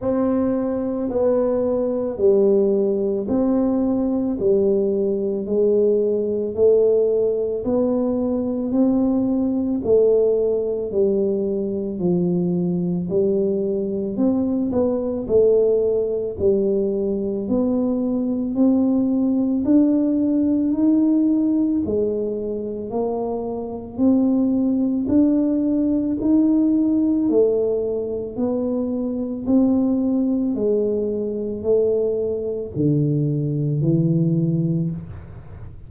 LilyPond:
\new Staff \with { instrumentName = "tuba" } { \time 4/4 \tempo 4 = 55 c'4 b4 g4 c'4 | g4 gis4 a4 b4 | c'4 a4 g4 f4 | g4 c'8 b8 a4 g4 |
b4 c'4 d'4 dis'4 | gis4 ais4 c'4 d'4 | dis'4 a4 b4 c'4 | gis4 a4 d4 e4 | }